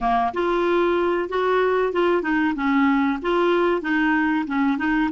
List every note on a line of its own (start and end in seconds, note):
0.00 0.32 A#3
0.33 1.29 F4
1.29 1.92 F#4
1.92 2.22 F4
2.22 2.54 D#4
2.55 3.19 C#4
3.21 3.81 F4
3.81 4.45 D#4
4.46 4.78 C#4
4.78 5.09 D#4